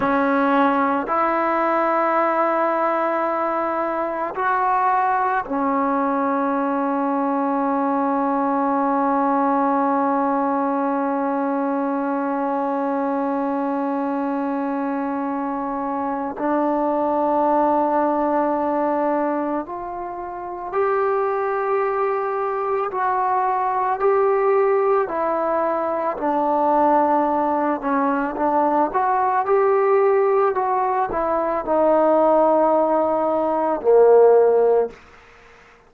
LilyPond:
\new Staff \with { instrumentName = "trombone" } { \time 4/4 \tempo 4 = 55 cis'4 e'2. | fis'4 cis'2.~ | cis'1~ | cis'2. d'4~ |
d'2 f'4 g'4~ | g'4 fis'4 g'4 e'4 | d'4. cis'8 d'8 fis'8 g'4 | fis'8 e'8 dis'2 ais4 | }